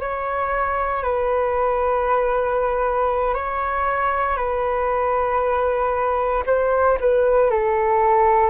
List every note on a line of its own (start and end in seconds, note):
0.00 1.03 C#5
1.03 3.34 B4
3.34 4.36 C#5
4.36 6.43 B4
6.47 6.98 C5
7.00 7.50 B4
7.50 8.50 A4